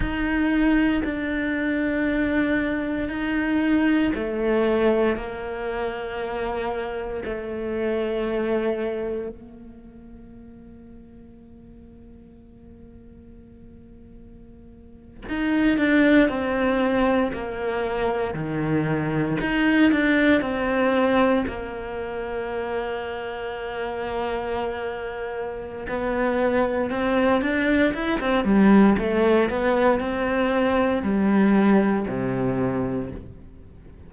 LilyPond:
\new Staff \with { instrumentName = "cello" } { \time 4/4 \tempo 4 = 58 dis'4 d'2 dis'4 | a4 ais2 a4~ | a4 ais2.~ | ais2~ ais8. dis'8 d'8 c'16~ |
c'8. ais4 dis4 dis'8 d'8 c'16~ | c'8. ais2.~ ais16~ | ais4 b4 c'8 d'8 e'16 c'16 g8 | a8 b8 c'4 g4 c4 | }